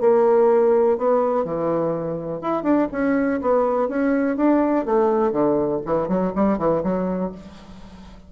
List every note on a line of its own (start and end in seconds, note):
0.00 0.98 A#3
0.98 1.44 B3
1.44 2.41 E3
2.41 2.63 E4
2.63 2.87 D4
2.92 3.41 C#4
3.41 3.88 B3
3.88 4.37 C#4
4.37 4.85 D4
4.85 5.31 A3
5.31 5.80 D3
5.85 6.08 E3
6.08 6.32 F#3
6.35 6.58 G3
6.58 6.82 E3
6.83 7.32 F#3